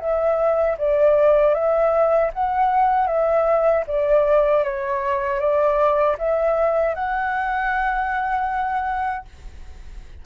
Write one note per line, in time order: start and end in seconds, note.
0.00 0.77 E5
0.78 1.54 D5
1.54 2.31 E5
2.34 3.07 F#5
3.07 3.84 E5
3.87 4.64 D5
4.64 5.40 C#5
5.40 6.17 D5
6.19 6.95 E5
6.95 9.26 F#5